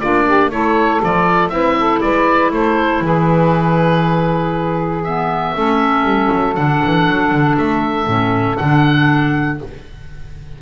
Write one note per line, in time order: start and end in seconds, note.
0.00 0.50 A#3
0.00 0.51 D4
0.00 0.25 F4
0.00 0.51 D5
0.26 0.51 G4
0.50 1.01 A3
0.50 1.02 E4
0.50 1.52 A4
0.50 1.01 C#5
1.03 1.50 F3
1.03 1.51 F4
1.03 1.49 D5
1.49 2.00 C4
1.49 5.04 E4
1.49 1.78 B4
1.49 2.00 E5
1.79 2.02 A4
2.01 2.51 G#3
2.01 2.53 B4
2.01 2.52 D5
2.51 3.01 A3
2.51 3.03 A4
2.51 3.04 C5
3.01 5.53 E3
3.01 5.55 G#4
3.01 5.04 B4
5.04 5.55 B3
5.04 6.55 E5
5.55 6.04 A3
5.55 6.55 C#4
5.55 9.59 A4
6.04 6.29 G3
6.32 6.57 F#3
6.55 6.82 D3
6.55 8.06 D4
6.55 7.56 F#5
6.85 7.09 E3
7.09 7.32 F#3
7.32 7.57 D3
7.58 8.07 A3
7.58 8.57 E5
8.07 8.57 A2
8.07 8.58 C#4
8.57 9.62 D3
8.57 9.59 D4
8.57 9.58 F#5